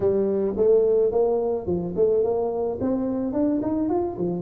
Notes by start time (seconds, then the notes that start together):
0.00 G3
0.56 A3
1.11 A#3
1.66 F3
1.96 A3
2.23 A#3
2.80 C4
3.33 D4
3.62 D#4
3.89 F4
4.18 F3